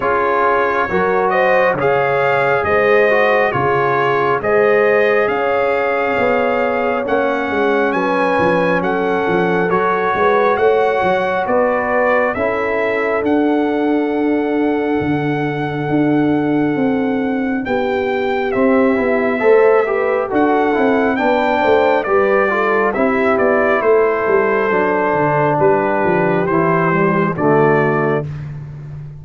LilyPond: <<
  \new Staff \with { instrumentName = "trumpet" } { \time 4/4 \tempo 4 = 68 cis''4. dis''8 f''4 dis''4 | cis''4 dis''4 f''2 | fis''4 gis''4 fis''4 cis''4 | fis''4 d''4 e''4 fis''4~ |
fis''1 | g''4 e''2 fis''4 | g''4 d''4 e''8 d''8 c''4~ | c''4 b'4 c''4 d''4 | }
  \new Staff \with { instrumentName = "horn" } { \time 4/4 gis'4 ais'8 c''8 cis''4 c''4 | gis'4 c''4 cis''2~ | cis''4 b'4 a'4. b'8 | cis''4 b'4 a'2~ |
a'1 | g'2 c''8 b'8 a'4 | b'8 c''8 b'8 a'8 g'4 a'4~ | a'4 g'2 fis'4 | }
  \new Staff \with { instrumentName = "trombone" } { \time 4/4 f'4 fis'4 gis'4. fis'8 | f'4 gis'2. | cis'2. fis'4~ | fis'2 e'4 d'4~ |
d'1~ | d'4 c'8 e'8 a'8 g'8 fis'8 e'8 | d'4 g'8 f'8 e'2 | d'2 e'8 g8 a4 | }
  \new Staff \with { instrumentName = "tuba" } { \time 4/4 cis'4 fis4 cis4 gis4 | cis4 gis4 cis'4 b4 | ais8 gis8 fis8 f8 fis8 f8 fis8 gis8 | a8 fis8 b4 cis'4 d'4~ |
d'4 d4 d'4 c'4 | b4 c'8 b8 a4 d'8 c'8 | b8 a8 g4 c'8 b8 a8 g8 | fis8 d8 g8 f8 e4 d4 | }
>>